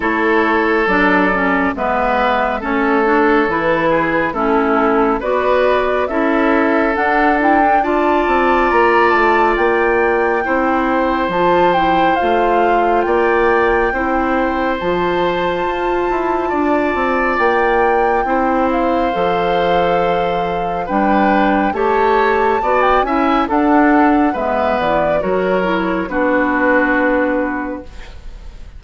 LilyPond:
<<
  \new Staff \with { instrumentName = "flute" } { \time 4/4 \tempo 4 = 69 cis''4 d''4 e''4 cis''4 | b'4 a'4 d''4 e''4 | fis''8 g''8 a''4 ais''8 a''8 g''4~ | g''4 a''8 g''8 f''4 g''4~ |
g''4 a''2. | g''4. f''2~ f''8 | g''4 a''4~ a''16 g''16 gis''8 fis''4 | e''8 d''8 cis''4 b'2 | }
  \new Staff \with { instrumentName = "oboe" } { \time 4/4 a'2 b'4 a'4~ | a'8 gis'8 e'4 b'4 a'4~ | a'4 d''2. | c''2. d''4 |
c''2. d''4~ | d''4 c''2. | b'4 cis''4 d''8 e''8 a'4 | b'4 ais'4 fis'2 | }
  \new Staff \with { instrumentName = "clarinet" } { \time 4/4 e'4 d'8 cis'8 b4 cis'8 d'8 | e'4 cis'4 fis'4 e'4 | d'8 e'16 d'16 f'2. | e'4 f'8 e'8 f'2 |
e'4 f'2.~ | f'4 e'4 a'2 | d'4 g'4 fis'8 e'8 d'4 | b4 fis'8 e'8 d'2 | }
  \new Staff \with { instrumentName = "bassoon" } { \time 4/4 a4 fis4 gis4 a4 | e4 a4 b4 cis'4 | d'4. c'8 ais8 a8 ais4 | c'4 f4 a4 ais4 |
c'4 f4 f'8 e'8 d'8 c'8 | ais4 c'4 f2 | g4 a4 b8 cis'8 d'4 | gis8 e8 fis4 b2 | }
>>